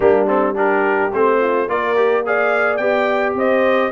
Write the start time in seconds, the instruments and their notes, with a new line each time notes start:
0.00 tuba G3, trombone A#3, horn D4, trumpet G4
0.26 trombone C4, trumpet A4
0.55 trombone D4, horn G4, trumpet A#4
1.12 tuba A3, trombone C4, trumpet C5
1.39 horn F4
1.68 tuba A#3, trombone F4, horn A#4, trumpet D5
1.96 trombone G4
2.25 trombone G#4, horn D5, trumpet F5
2.77 tuba B3, trombone G4, trumpet G5
3.34 tuba C4, horn C5, trumpet D#5